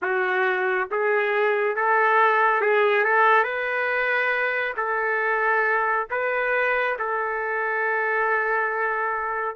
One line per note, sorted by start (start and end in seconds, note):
0.02 0.89 F#4
0.91 1.76 G#4
1.76 2.61 A4
2.61 3.04 G#4
3.04 3.43 A4
3.43 4.74 B4
4.76 6.07 A4
6.10 6.97 B4
6.98 9.55 A4